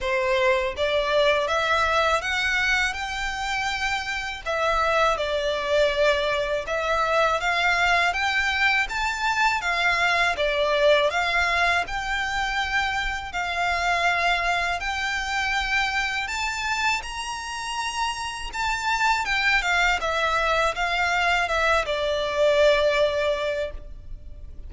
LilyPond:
\new Staff \with { instrumentName = "violin" } { \time 4/4 \tempo 4 = 81 c''4 d''4 e''4 fis''4 | g''2 e''4 d''4~ | d''4 e''4 f''4 g''4 | a''4 f''4 d''4 f''4 |
g''2 f''2 | g''2 a''4 ais''4~ | ais''4 a''4 g''8 f''8 e''4 | f''4 e''8 d''2~ d''8 | }